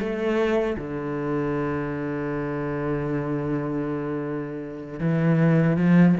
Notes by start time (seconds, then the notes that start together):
0.00 A3
0.78 D3
5.00 E3
5.77 F3